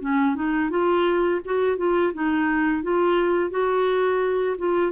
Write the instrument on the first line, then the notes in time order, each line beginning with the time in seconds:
clarinet
0.00 C#4
0.35 D#4
0.70 F4
1.44 F#4
1.77 F4
2.13 D#4
2.82 F4
3.50 F#4
4.58 F4